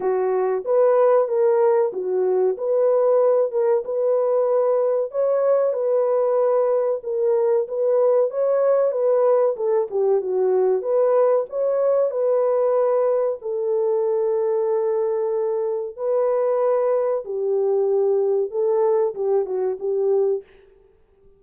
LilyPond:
\new Staff \with { instrumentName = "horn" } { \time 4/4 \tempo 4 = 94 fis'4 b'4 ais'4 fis'4 | b'4. ais'8 b'2 | cis''4 b'2 ais'4 | b'4 cis''4 b'4 a'8 g'8 |
fis'4 b'4 cis''4 b'4~ | b'4 a'2.~ | a'4 b'2 g'4~ | g'4 a'4 g'8 fis'8 g'4 | }